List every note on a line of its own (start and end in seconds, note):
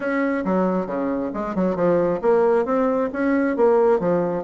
0.00 0.44 C#4
0.44 0.86 F#3
0.86 1.31 C#3
1.33 1.55 G#3
1.55 1.75 F#3
1.75 2.20 F3
2.21 2.65 A#3
2.65 3.09 C4
3.12 3.56 C#4
3.56 3.99 A#3
3.99 4.43 F3